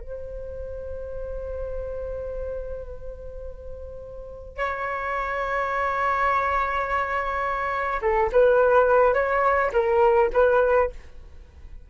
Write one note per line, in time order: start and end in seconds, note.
0.00 4.57 C5
4.57 8.00 C#5
8.01 8.30 A4
8.32 9.14 B4
9.14 9.71 C#5
9.72 10.30 A#4
10.32 10.90 B4